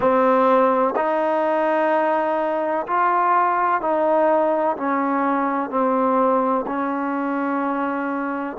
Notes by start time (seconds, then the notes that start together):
0.00 C4
0.95 D#4
2.86 F4
3.81 D#4
4.76 C#4
5.69 C4
6.66 C#4